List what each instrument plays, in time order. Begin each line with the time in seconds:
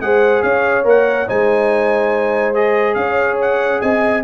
0.00 tuba G#3, trombone G#4, horn C5, trumpet F#5
0.42 tuba C#4, horn C#5, trumpet F5
0.84 tuba A#3, trombone A#4, trumpet F#5
1.27 tuba G#3, trombone D#4, horn C5, trumpet G#5
2.54 trombone G#4, trumpet D#5
2.94 tuba C#4, horn C#5, trumpet F5
3.41 trumpet F#5
3.81 tuba C4, horn D#5, trumpet G#5